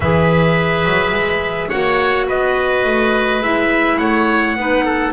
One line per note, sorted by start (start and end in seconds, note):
0.00 0.85 E3
0.00 1.70 G#4
0.00 1.68 B4
0.00 1.69 E5
0.85 1.11 F#3
1.11 1.68 G#3
1.68 2.29 A#3
1.68 3.42 F#4
1.68 2.26 C#5
1.68 2.26 F#5
2.27 2.84 B3
2.27 3.98 B4
2.27 3.42 D#5
2.84 3.40 A3
3.40 3.97 G#3
3.40 4.57 E4
3.40 3.98 E5
3.98 4.56 A3
3.98 4.55 C#5
3.98 5.12 F#5
4.56 5.13 B3
4.56 5.13 D#4
4.56 4.84 B4
4.84 5.13 A4